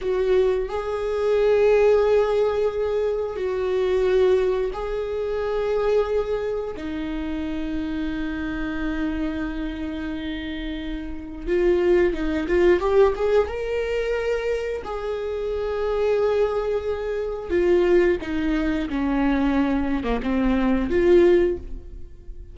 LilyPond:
\new Staff \with { instrumentName = "viola" } { \time 4/4 \tempo 4 = 89 fis'4 gis'2.~ | gis'4 fis'2 gis'4~ | gis'2 dis'2~ | dis'1~ |
dis'4 f'4 dis'8 f'8 g'8 gis'8 | ais'2 gis'2~ | gis'2 f'4 dis'4 | cis'4.~ cis'16 ais16 c'4 f'4 | }